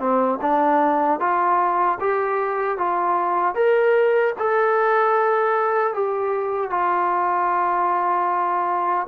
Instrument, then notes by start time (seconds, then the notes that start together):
trombone
0.00 C4
0.42 D4
1.20 F4
2.01 G4
2.78 F4
3.55 A#4
4.39 A4
5.94 G4
6.71 F4